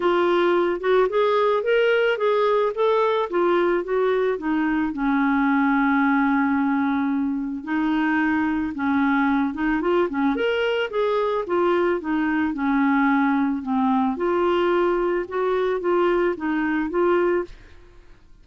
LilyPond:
\new Staff \with { instrumentName = "clarinet" } { \time 4/4 \tempo 4 = 110 f'4. fis'8 gis'4 ais'4 | gis'4 a'4 f'4 fis'4 | dis'4 cis'2.~ | cis'2 dis'2 |
cis'4. dis'8 f'8 cis'8 ais'4 | gis'4 f'4 dis'4 cis'4~ | cis'4 c'4 f'2 | fis'4 f'4 dis'4 f'4 | }